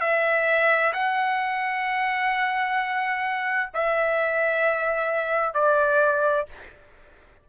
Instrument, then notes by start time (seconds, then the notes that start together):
trumpet
0.00 E5
0.93 F#5
3.73 E5
5.53 D5